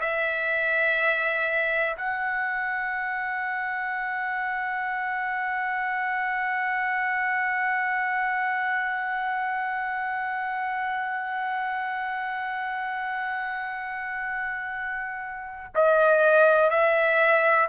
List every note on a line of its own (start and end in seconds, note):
0.00 1.97 E5
1.97 15.74 F#5
15.75 16.70 D#5
16.70 17.69 E5